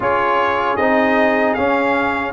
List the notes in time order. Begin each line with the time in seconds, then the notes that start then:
0.00 C#4 F4 G#4 C#5
0.76 C4 D#4 D#5
1.54 C#4 F5